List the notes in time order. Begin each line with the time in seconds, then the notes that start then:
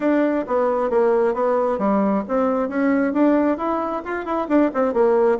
0.00 D4
0.47 B3
0.90 A#3
1.34 B3
1.78 G3
2.28 C4
2.68 C#4
3.13 D4
3.57 E4
4.05 F4
4.25 E4
4.48 D4
4.73 C4
4.93 A#3